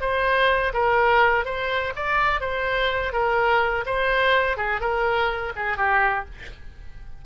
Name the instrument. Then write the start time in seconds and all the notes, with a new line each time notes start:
oboe
0.00 C5
0.73 A#4
1.45 C5
1.95 D5
2.40 C5
3.12 A#4
3.86 C5
4.57 G#4
4.80 A#4
5.55 G#4
5.77 G4